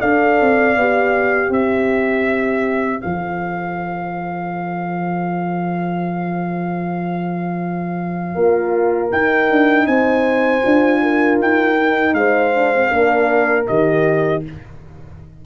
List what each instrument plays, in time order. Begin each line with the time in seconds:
0.00 tuba D4, horn A4 D5, trumpet F5
0.41 tuba C4
0.76 tuba B3, horn G4
1.50 tuba C4, horn C5, trumpet E5
3.01 tuba F3, horn A4, trumpet F5
8.35 tuba A#3, horn F4 A#4
9.12 tuba D#4, horn D#4, trumpet G5
9.51 tuba D4
9.87 tuba C4, horn C5, trumpet G#5
10.63 tuba D4, horn F4
11.02 horn A#4
11.41 tuba D#4, trumpet G5
11.80 horn D#4
12.14 tuba G#3, horn C5, trumpet F5
12.55 horn D4
12.75 horn C4
12.89 tuba A#3, horn D4 A#4
13.67 tuba D#3, horn G4, trumpet D#5